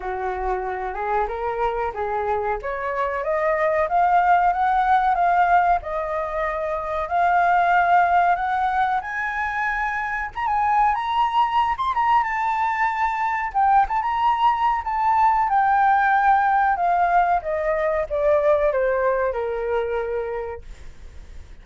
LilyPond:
\new Staff \with { instrumentName = "flute" } { \time 4/4 \tempo 4 = 93 fis'4. gis'8 ais'4 gis'4 | cis''4 dis''4 f''4 fis''4 | f''4 dis''2 f''4~ | f''4 fis''4 gis''2 |
ais''16 gis''8. ais''4~ ais''16 c'''16 ais''8 a''4~ | a''4 g''8 a''16 ais''4~ ais''16 a''4 | g''2 f''4 dis''4 | d''4 c''4 ais'2 | }